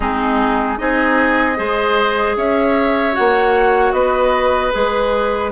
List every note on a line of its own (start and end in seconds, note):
0.00 0.78 G#3
0.00 0.77 C4
0.00 0.78 D#4
0.00 0.78 G#4
0.77 1.58 C4
0.77 1.56 D#4
0.77 1.58 G#4
0.77 2.36 D#5
1.56 2.36 G#3
1.56 3.12 G#4
1.56 2.37 C5
2.36 3.15 C#4
2.36 3.93 C#5
2.36 3.15 E5
3.12 3.92 A#3
3.12 4.70 F#4
3.12 3.92 F#5
3.92 4.71 B3
3.92 5.51 B4
3.92 4.71 D#5
4.72 5.52 G#3
4.72 5.51 G#4
4.72 5.52 B4